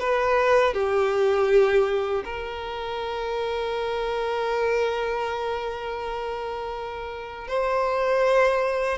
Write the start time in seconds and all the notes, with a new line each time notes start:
0.00 B4
0.73 G4
2.25 A#4
7.48 C5